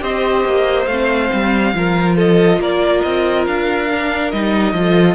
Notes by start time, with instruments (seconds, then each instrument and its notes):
0.00 cello C4, viola G4, violin C5 D#5
0.45 cello A#3
0.86 cello A3, viola C4, violin F5
1.33 cello G3
1.74 cello F3, viola F4, violin A#4
2.16 violin A4 D#5
2.58 cello A#3, violin A#4 D5
3.02 cello C4, violin D#5
3.47 cello D4, violin F5
3.91 viola D4
4.31 cello G3, viola D#4, violin D#5
4.73 cello F3, viola F4, violin A4